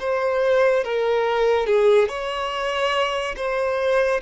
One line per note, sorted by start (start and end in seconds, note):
0.00 0.85 C5
0.85 1.67 A#4
1.67 2.09 G#4
2.09 3.36 C#5
3.37 4.21 C5